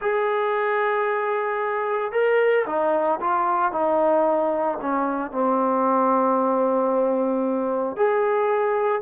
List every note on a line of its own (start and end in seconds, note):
0.01 2.12 G#4
2.12 2.65 A#4
2.66 3.19 D#4
3.20 3.72 F4
3.72 4.78 D#4
4.81 5.31 C#4
5.31 7.96 C4
7.96 9.02 G#4